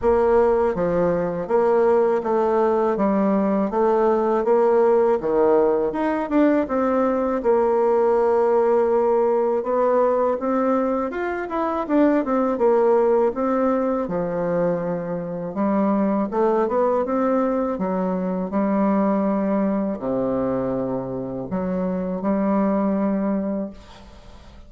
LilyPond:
\new Staff \with { instrumentName = "bassoon" } { \time 4/4 \tempo 4 = 81 ais4 f4 ais4 a4 | g4 a4 ais4 dis4 | dis'8 d'8 c'4 ais2~ | ais4 b4 c'4 f'8 e'8 |
d'8 c'8 ais4 c'4 f4~ | f4 g4 a8 b8 c'4 | fis4 g2 c4~ | c4 fis4 g2 | }